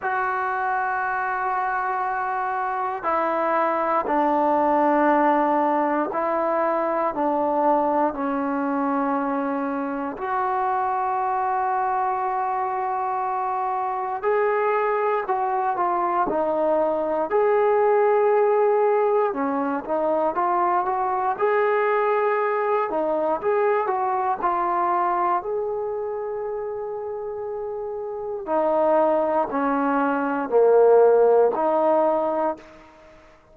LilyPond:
\new Staff \with { instrumentName = "trombone" } { \time 4/4 \tempo 4 = 59 fis'2. e'4 | d'2 e'4 d'4 | cis'2 fis'2~ | fis'2 gis'4 fis'8 f'8 |
dis'4 gis'2 cis'8 dis'8 | f'8 fis'8 gis'4. dis'8 gis'8 fis'8 | f'4 gis'2. | dis'4 cis'4 ais4 dis'4 | }